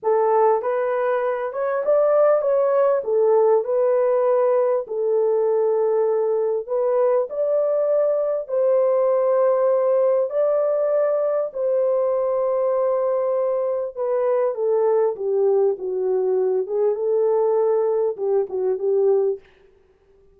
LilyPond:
\new Staff \with { instrumentName = "horn" } { \time 4/4 \tempo 4 = 99 a'4 b'4. cis''8 d''4 | cis''4 a'4 b'2 | a'2. b'4 | d''2 c''2~ |
c''4 d''2 c''4~ | c''2. b'4 | a'4 g'4 fis'4. gis'8 | a'2 g'8 fis'8 g'4 | }